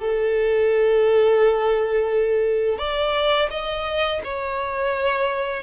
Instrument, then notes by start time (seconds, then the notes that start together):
violin
0.00 A4
2.79 D5
3.51 D#5
4.24 C#5